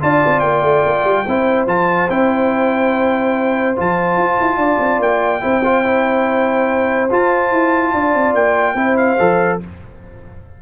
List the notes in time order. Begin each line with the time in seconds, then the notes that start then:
0.00 D4 F4 D5 A5
0.26 C4
0.39 A#3 G5
0.63 A3
0.85 A#3
1.04 G3
1.26 C4 E4 C5
1.66 F3 F4 A5
2.10 C4 E4 G5
3.76 F3 F4 A5
4.17 F4
4.40 E4
4.57 D4 D5
4.79 C4
4.99 A#3 G5
5.41 C4 E4 C5
5.64 F4
5.84 E4
7.10 F4 A5
7.51 E4
7.93 D4 D5
8.14 C4
8.34 A#3 G5
8.75 C4 E4 C5
8.97 F5
9.19 F3 A4